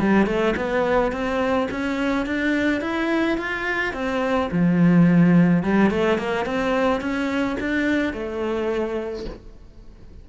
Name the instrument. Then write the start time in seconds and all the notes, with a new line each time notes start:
cello
0.00 G3
0.27 A3
0.57 B3
1.12 C4
1.71 C#4
2.26 D4
2.82 E4
3.38 F4
3.94 C4
4.52 F3
5.63 G3
5.91 A3
6.18 A#3
6.46 C4
7.01 C#4
7.60 D4
8.13 A3